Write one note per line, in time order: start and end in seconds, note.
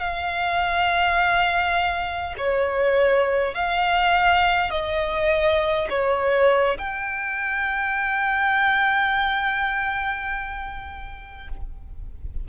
0.00 2.35 F5
2.39 3.55 C#5
3.55 4.71 F5
4.71 5.89 D#5
5.90 6.78 C#5
6.79 11.49 G5